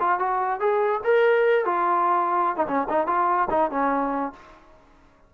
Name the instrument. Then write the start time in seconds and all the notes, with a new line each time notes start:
trombone
0.00 F4
0.19 F#4
0.60 G#4
1.04 A#4
1.65 F4
2.56 D#4
2.67 C#4
2.89 D#4
3.07 F4
3.50 D#4
3.71 C#4